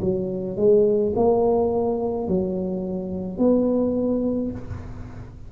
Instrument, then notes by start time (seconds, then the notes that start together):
tuba
0.00 F#3
0.57 G#3
1.15 A#3
2.27 F#3
3.38 B3